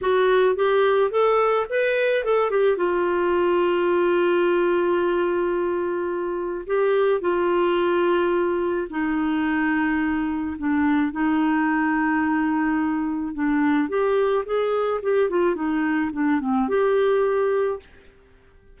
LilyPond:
\new Staff \with { instrumentName = "clarinet" } { \time 4/4 \tempo 4 = 108 fis'4 g'4 a'4 b'4 | a'8 g'8 f'2.~ | f'1 | g'4 f'2. |
dis'2. d'4 | dis'1 | d'4 g'4 gis'4 g'8 f'8 | dis'4 d'8 c'8 g'2 | }